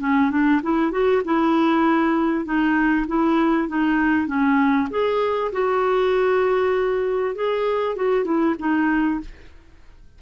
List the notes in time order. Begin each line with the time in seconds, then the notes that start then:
0.00 C#4
0.31 D4
0.63 E4
0.92 F#4
1.25 E4
2.45 D#4
3.08 E4
3.68 D#4
4.27 C#4
4.90 G#4
5.52 F#4
7.35 G#4
7.96 F#4
8.25 E4
8.59 D#4